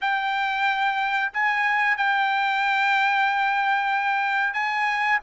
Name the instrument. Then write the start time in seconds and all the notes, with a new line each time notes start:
trumpet
0.01 G5
1.33 G#5
1.97 G5
4.53 G#5